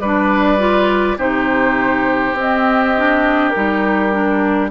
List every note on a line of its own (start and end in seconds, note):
0.00 1.17 G3
0.00 0.59 D4
0.00 1.18 B4
0.00 1.18 D5
0.59 1.17 F4
1.17 2.33 C3
1.17 2.35 D#4
1.17 4.71 G4
1.17 2.37 C5
2.33 3.51 C4
2.33 2.95 C4
2.39 3.50 D#5
2.96 3.54 D4
3.50 4.12 D#4
3.50 4.67 A#4
3.56 4.71 G3
4.12 4.71 D4